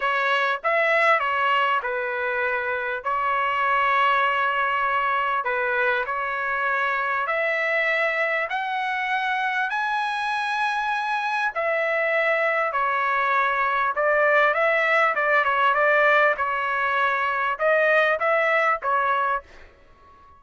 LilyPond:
\new Staff \with { instrumentName = "trumpet" } { \time 4/4 \tempo 4 = 99 cis''4 e''4 cis''4 b'4~ | b'4 cis''2.~ | cis''4 b'4 cis''2 | e''2 fis''2 |
gis''2. e''4~ | e''4 cis''2 d''4 | e''4 d''8 cis''8 d''4 cis''4~ | cis''4 dis''4 e''4 cis''4 | }